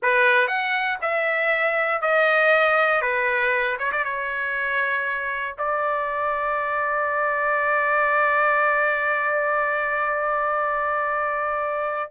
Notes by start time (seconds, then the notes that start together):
0.02 B4
0.47 F#5
1.01 E5
2.01 D#5
3.01 B4
3.78 C#5
3.92 D5
4.04 C#5
5.57 D5